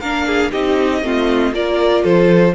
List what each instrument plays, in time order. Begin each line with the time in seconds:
0.00 cello A#3, viola D4, violin A#4 F5
0.26 violin G#4
0.52 cello C4, viola D#4, violin G4 D#5
1.02 cello A3, viola C4, violin F4
1.52 cello A#3, viola F4, violin A#4 D5
2.03 cello F3, violin A4 C5